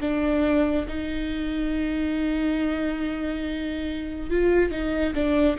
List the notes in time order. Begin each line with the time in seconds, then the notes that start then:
0.00 D4
0.88 D#4
4.30 F4
4.71 D#4
5.14 D4